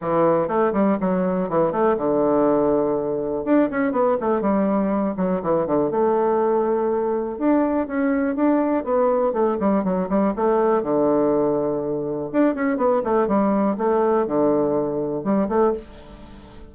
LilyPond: \new Staff \with { instrumentName = "bassoon" } { \time 4/4 \tempo 4 = 122 e4 a8 g8 fis4 e8 a8 | d2. d'8 cis'8 | b8 a8 g4. fis8 e8 d8 | a2. d'4 |
cis'4 d'4 b4 a8 g8 | fis8 g8 a4 d2~ | d4 d'8 cis'8 b8 a8 g4 | a4 d2 g8 a8 | }